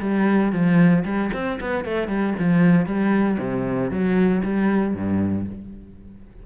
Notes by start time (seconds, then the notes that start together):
0.00 G3
0.52 F3
1.05 G3
1.33 C4
1.60 B3
1.84 A3
2.08 G3
2.39 F3
2.86 G3
3.39 C3
3.91 F#3
4.43 G3
4.94 G2